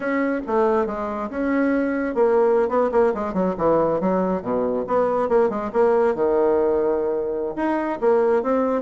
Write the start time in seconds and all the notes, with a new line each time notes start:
0.00 C#4
0.46 A3
0.86 G#3
1.30 C#4
2.14 A#3
2.68 B3
2.91 A#3
3.14 G#3
3.33 F#3
3.57 E3
4.00 F#3
4.42 B2
4.87 B3
5.28 A#3
5.49 G#3
5.73 A#3
6.15 D#3
7.56 D#4
8.01 A#3
8.43 C4